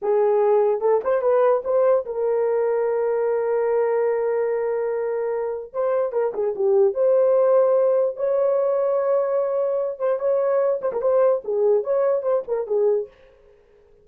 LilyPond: \new Staff \with { instrumentName = "horn" } { \time 4/4 \tempo 4 = 147 gis'2 a'8 c''8 b'4 | c''4 ais'2.~ | ais'1~ | ais'2 c''4 ais'8 gis'8 |
g'4 c''2. | cis''1~ | cis''8 c''8 cis''4. c''16 ais'16 c''4 | gis'4 cis''4 c''8 ais'8 gis'4 | }